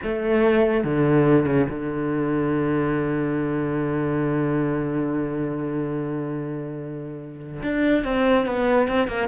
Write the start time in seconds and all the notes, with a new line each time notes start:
0.03 A3
0.84 D3
1.46 C#3
1.69 D3
7.62 D4
8.04 C4
8.45 B3
8.88 C4
9.07 A#3